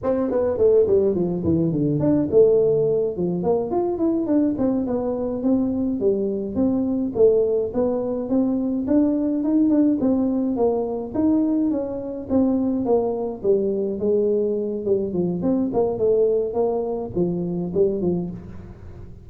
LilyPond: \new Staff \with { instrumentName = "tuba" } { \time 4/4 \tempo 4 = 105 c'8 b8 a8 g8 f8 e8 d8 d'8 | a4. f8 ais8 f'8 e'8 d'8 | c'8 b4 c'4 g4 c'8~ | c'8 a4 b4 c'4 d'8~ |
d'8 dis'8 d'8 c'4 ais4 dis'8~ | dis'8 cis'4 c'4 ais4 g8~ | g8 gis4. g8 f8 c'8 ais8 | a4 ais4 f4 g8 f8 | }